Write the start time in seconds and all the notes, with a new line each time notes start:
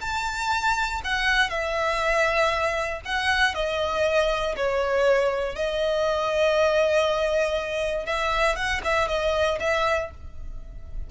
0.00 A5
1.04 F#5
1.49 E5
3.04 F#5
3.54 D#5
4.56 C#5
5.55 D#5
8.05 E5
8.55 F#5
8.84 E5
9.08 D#5
9.60 E5